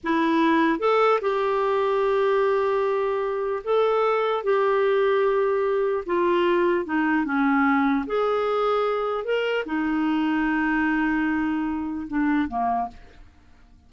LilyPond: \new Staff \with { instrumentName = "clarinet" } { \time 4/4 \tempo 4 = 149 e'2 a'4 g'4~ | g'1~ | g'4 a'2 g'4~ | g'2. f'4~ |
f'4 dis'4 cis'2 | gis'2. ais'4 | dis'1~ | dis'2 d'4 ais4 | }